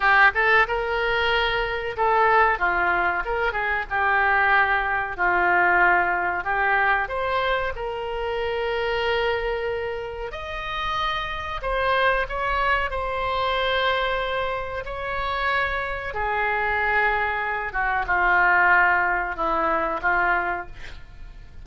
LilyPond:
\new Staff \with { instrumentName = "oboe" } { \time 4/4 \tempo 4 = 93 g'8 a'8 ais'2 a'4 | f'4 ais'8 gis'8 g'2 | f'2 g'4 c''4 | ais'1 |
dis''2 c''4 cis''4 | c''2. cis''4~ | cis''4 gis'2~ gis'8 fis'8 | f'2 e'4 f'4 | }